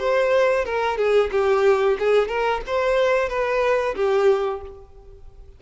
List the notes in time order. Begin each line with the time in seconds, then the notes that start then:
0.00 C5
0.65 A#4
0.98 G#4
1.32 G4
2.00 G#4
2.29 A#4
2.67 C5
3.30 B4
3.96 G4